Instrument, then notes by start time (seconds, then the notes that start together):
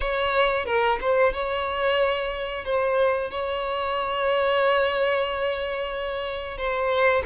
violin
0.00 C#5
0.65 A#4
1.00 C5
1.33 C#5
2.65 C5
3.31 C#5
6.57 C5